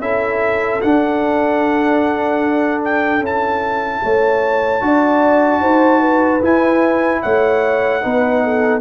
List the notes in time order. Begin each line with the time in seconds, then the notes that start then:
0.00 C#4 E4 A4 E5
0.82 D4 F#5
2.84 G5
3.20 C#4 E4 A5
4.03 A3 C#5
4.81 D4 F#4 D5
5.61 D#4 C5
6.01 B4
6.42 E4 G#5
7.22 A3 C#5 F#5
8.02 B3 D#4 B4
8.44 A4